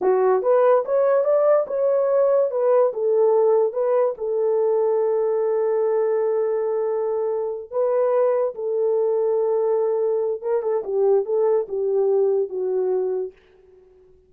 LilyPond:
\new Staff \with { instrumentName = "horn" } { \time 4/4 \tempo 4 = 144 fis'4 b'4 cis''4 d''4 | cis''2 b'4 a'4~ | a'4 b'4 a'2~ | a'1~ |
a'2~ a'8 b'4.~ | b'8 a'2.~ a'8~ | a'4 ais'8 a'8 g'4 a'4 | g'2 fis'2 | }